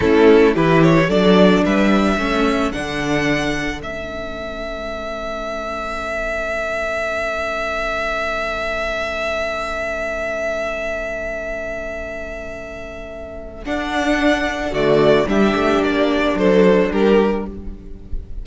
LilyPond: <<
  \new Staff \with { instrumentName = "violin" } { \time 4/4 \tempo 4 = 110 a'4 b'8 cis''8 d''4 e''4~ | e''4 fis''2 e''4~ | e''1~ | e''1~ |
e''1~ | e''1~ | e''4 fis''2 d''4 | e''4 d''4 c''4 ais'4 | }
  \new Staff \with { instrumentName = "violin" } { \time 4/4 e'4 g'4 a'4 b'4 | a'1~ | a'1~ | a'1~ |
a'1~ | a'1~ | a'2. fis'4 | g'2 a'4 g'4 | }
  \new Staff \with { instrumentName = "viola" } { \time 4/4 cis'4 e'4 d'2 | cis'4 d'2 cis'4~ | cis'1~ | cis'1~ |
cis'1~ | cis'1~ | cis'4 d'2 a4 | d'1 | }
  \new Staff \with { instrumentName = "cello" } { \time 4/4 a4 e4 fis4 g4 | a4 d2 a4~ | a1~ | a1~ |
a1~ | a1~ | a4 d'2 d4 | g8 a8 ais4 fis4 g4 | }
>>